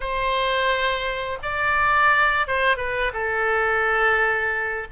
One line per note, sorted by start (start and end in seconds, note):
0.00 1.38 C5
1.42 2.47 D5
2.47 2.77 C5
2.77 3.11 B4
3.13 4.87 A4